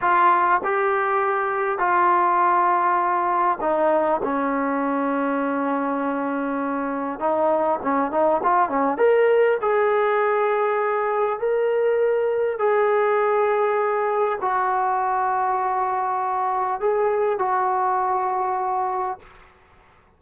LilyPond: \new Staff \with { instrumentName = "trombone" } { \time 4/4 \tempo 4 = 100 f'4 g'2 f'4~ | f'2 dis'4 cis'4~ | cis'1 | dis'4 cis'8 dis'8 f'8 cis'8 ais'4 |
gis'2. ais'4~ | ais'4 gis'2. | fis'1 | gis'4 fis'2. | }